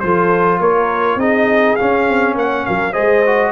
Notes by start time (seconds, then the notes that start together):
0.00 F3 F4 A4 C5
0.60 A#3 A#4 C#5
1.16 C4 D#4 G#4 D#5
1.76 C#4 F5
2.09 C4
2.35 A#3 C#5 F#5
2.66 F#3 A#4 F5
2.93 G#3 G#4 C5 D#5
3.26 F#4